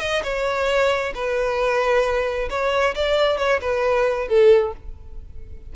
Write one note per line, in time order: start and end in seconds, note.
0.00 0.22 D#5
0.23 1.13 C#5
1.14 2.49 B4
2.50 2.94 C#5
2.95 3.37 D5
3.37 3.60 C#5
3.61 4.28 B4
4.28 4.73 A4